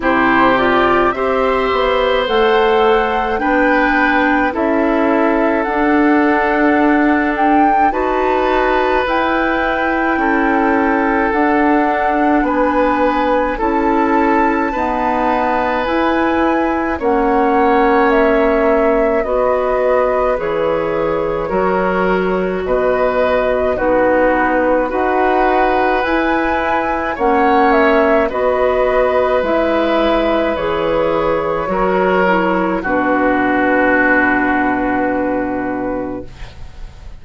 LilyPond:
<<
  \new Staff \with { instrumentName = "flute" } { \time 4/4 \tempo 4 = 53 c''8 d''8 e''4 fis''4 g''4 | e''4 fis''4. g''8 a''4 | g''2 fis''4 gis''4 | a''2 gis''4 fis''4 |
e''4 dis''4 cis''2 | dis''4 b'4 fis''4 gis''4 | fis''8 e''8 dis''4 e''4 cis''4~ | cis''4 b'2. | }
  \new Staff \with { instrumentName = "oboe" } { \time 4/4 g'4 c''2 b'4 | a'2. b'4~ | b'4 a'2 b'4 | a'4 b'2 cis''4~ |
cis''4 b'2 ais'4 | b'4 fis'4 b'2 | cis''4 b'2. | ais'4 fis'2. | }
  \new Staff \with { instrumentName = "clarinet" } { \time 4/4 e'8 f'8 g'4 a'4 d'4 | e'4 d'2 fis'4 | e'2 d'2 | e'4 b4 e'4 cis'4~ |
cis'4 fis'4 gis'4 fis'4~ | fis'4 dis'4 fis'4 e'4 | cis'4 fis'4 e'4 gis'4 | fis'8 e'8 d'2. | }
  \new Staff \with { instrumentName = "bassoon" } { \time 4/4 c4 c'8 b8 a4 b4 | cis'4 d'2 dis'4 | e'4 cis'4 d'4 b4 | cis'4 dis'4 e'4 ais4~ |
ais4 b4 e4 fis4 | b,4 b4 dis'4 e'4 | ais4 b4 gis4 e4 | fis4 b,2. | }
>>